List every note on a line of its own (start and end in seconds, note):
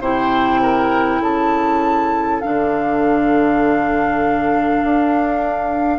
0.00 1.20 C3
0.00 2.42 E4
0.00 0.60 C5
0.00 1.22 G5
0.62 1.21 A#4
1.21 2.41 C#3
1.21 5.99 A4
1.21 2.41 A5
2.41 4.83 D3
2.41 5.99 D4
2.41 5.99 F5
4.83 5.99 D4